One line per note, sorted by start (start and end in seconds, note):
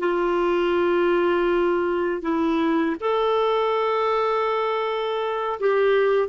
0.00 2.22 F4
2.22 2.96 E4
3.00 5.60 A4
5.60 6.29 G4